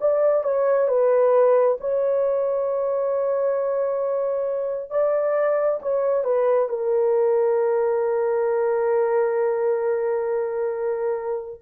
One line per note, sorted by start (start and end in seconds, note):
0.00 0.43 D5
0.43 0.88 C#5
0.88 1.77 B4
1.80 4.91 C#5
4.91 5.80 D5
5.82 6.24 C#5
6.24 6.69 B4
6.69 11.61 A#4